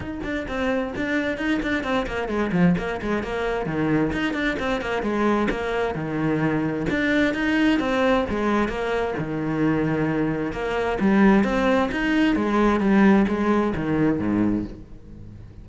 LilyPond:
\new Staff \with { instrumentName = "cello" } { \time 4/4 \tempo 4 = 131 dis'8 d'8 c'4 d'4 dis'8 d'8 | c'8 ais8 gis8 f8 ais8 gis8 ais4 | dis4 dis'8 d'8 c'8 ais8 gis4 | ais4 dis2 d'4 |
dis'4 c'4 gis4 ais4 | dis2. ais4 | g4 c'4 dis'4 gis4 | g4 gis4 dis4 gis,4 | }